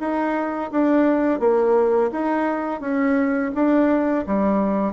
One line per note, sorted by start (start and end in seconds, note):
0.00 0.71 D#4
0.72 1.40 D4
1.40 2.10 A#3
2.11 2.81 D#4
2.81 3.51 C#4
3.55 4.25 D4
4.27 4.93 G3